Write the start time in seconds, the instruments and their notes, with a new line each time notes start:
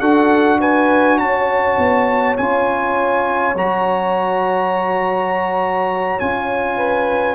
0.00 tuba D4, trombone F#4, horn A4, trumpet F#5
0.61 horn B4, trumpet G#5
1.18 tuba C#4, horn C#5, trumpet A5
1.78 tuba B3
2.37 tuba C#4, trombone F4, trumpet G#5
3.55 tuba F#3, trombone F#4, trumpet A#5
6.20 tuba C#4, trombone F4, trumpet G#5
6.77 horn B4